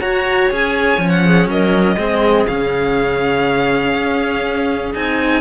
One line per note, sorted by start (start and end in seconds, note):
0.00 0.50 F#4
0.00 0.51 F#4
0.00 1.23 C#5
0.00 0.49 A#5
0.51 0.98 C#4
0.51 0.98 G#4
0.51 1.10 G#5
0.98 1.47 F3
0.98 1.96 C#4
1.10 1.47 F#5
1.26 1.50 G#4
1.47 1.97 F#3
1.47 1.98 A#4
1.47 2.47 D#5
1.97 2.46 G#3
1.97 2.47 C4
1.97 5.41 G#4
2.47 3.94 C#3
2.47 4.95 C#4
2.47 4.93 F5
3.94 4.93 C#4
4.95 5.41 C4
4.95 5.41 D#4
4.95 5.41 G#5